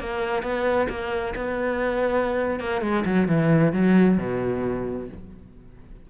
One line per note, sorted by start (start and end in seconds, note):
0.00 0.43 A#3
0.43 0.88 B3
0.89 1.34 A#3
1.36 2.60 B3
2.60 2.82 A#3
2.82 3.04 G#3
3.06 3.28 F#3
3.28 3.73 E3
3.73 4.18 F#3
4.18 5.09 B2